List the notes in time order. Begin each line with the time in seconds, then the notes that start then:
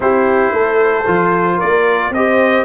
0.00 C4 E4 G4 C5
0.51 A3 A4
1.07 F3 F4
1.56 A#4 D5
1.62 A#3
2.10 C4 G4 D#5
2.16 C5